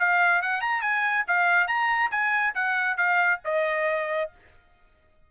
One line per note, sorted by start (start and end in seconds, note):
0.00 0.42 F5
0.42 0.61 F#5
0.61 0.82 A#5
0.82 1.25 G#5
1.28 1.68 F5
1.68 2.11 A#5
2.11 2.54 G#5
2.55 2.97 F#5
2.97 3.40 F5
3.45 4.31 D#5